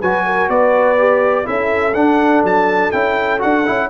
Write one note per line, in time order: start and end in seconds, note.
0.00 0.49 F#3
0.00 0.98 F#4
0.00 0.24 B4
0.00 0.50 G#5
0.25 0.49 A#4
0.49 1.46 B3
0.49 1.46 B4
0.49 1.47 D5
0.98 1.44 G4
1.44 1.95 C#4
1.44 1.93 E4
1.44 3.90 A4
1.44 1.94 E5
1.94 2.43 D4
1.94 2.92 D4
1.94 2.43 F#5
2.43 2.92 F#3
2.43 2.92 A5
2.92 3.42 C#4
2.92 3.39 E4
2.92 3.40 G5
3.39 3.68 D4
3.39 3.63 F#4
3.39 3.90 F#5
3.66 3.90 C#4
3.66 3.90 E4